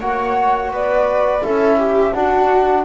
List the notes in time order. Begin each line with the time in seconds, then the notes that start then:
0.00 A#3 F#4 C#5 F#5
0.71 B3 B4 D5
1.42 C#4 E4 A4 E5
1.78 G4
2.14 D4 F#4 F#5